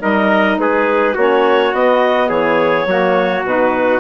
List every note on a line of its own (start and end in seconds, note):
0.00 0.58 G3
0.00 1.14 D#4
0.00 0.58 A#4
0.00 0.59 D#5
0.58 1.15 G#3
0.58 1.14 G#4
0.58 1.17 B4
1.14 1.73 A#3
1.14 1.73 C#4
1.14 2.28 F#4
1.14 1.75 C#5
1.73 2.30 B3
1.73 2.87 B3
1.73 2.30 D#5
2.29 2.86 E3
2.29 2.86 G#4
2.29 3.44 C#5
2.86 3.43 F#3
2.86 3.44 A#3
2.86 4.00 F#4
3.44 4.00 B2
3.44 4.00 D#4
3.44 4.00 B4